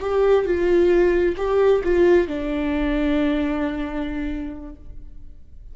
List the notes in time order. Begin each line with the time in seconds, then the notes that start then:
0.00 G4
0.45 F4
1.37 G4
1.83 F4
2.27 D4